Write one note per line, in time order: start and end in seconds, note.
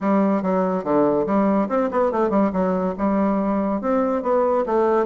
0.01 0.42 G3
0.42 0.84 F#3
0.84 1.26 D3
1.26 1.68 G3
1.68 1.90 C4
1.91 2.11 B3
2.11 2.29 A3
2.29 2.50 G3
2.52 2.95 F#3
2.98 3.81 G3
3.81 4.22 C4
4.22 4.64 B3
4.66 5.06 A3